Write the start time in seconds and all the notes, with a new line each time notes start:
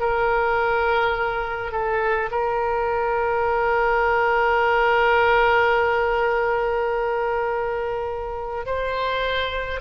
0.00 A#4
1.72 A4
2.31 A#4
8.66 C5